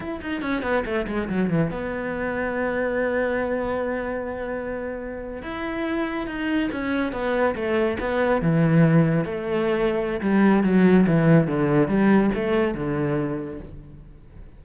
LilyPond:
\new Staff \with { instrumentName = "cello" } { \time 4/4 \tempo 4 = 141 e'8 dis'8 cis'8 b8 a8 gis8 fis8 e8 | b1~ | b1~ | b8. e'2 dis'4 cis'16~ |
cis'8. b4 a4 b4 e16~ | e4.~ e16 a2~ a16 | g4 fis4 e4 d4 | g4 a4 d2 | }